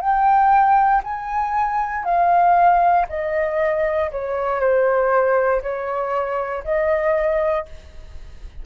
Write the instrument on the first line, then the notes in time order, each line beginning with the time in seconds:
flute
0.00 G5
1.04 G#5
2.04 F5
3.09 D#5
4.11 C#5
4.60 C5
5.62 C#5
6.64 D#5